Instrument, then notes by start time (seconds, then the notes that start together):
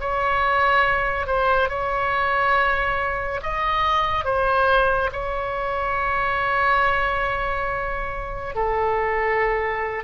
oboe
0.00 C#5
1.26 C5
1.69 C#5
3.42 D#5
4.24 C5
5.12 C#5
8.55 A4